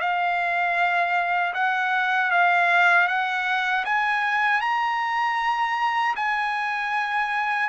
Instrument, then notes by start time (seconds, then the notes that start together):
trumpet
0.00 F5
1.55 F#5
2.31 F5
3.08 F#5
3.86 G#5
4.62 A#5
6.16 G#5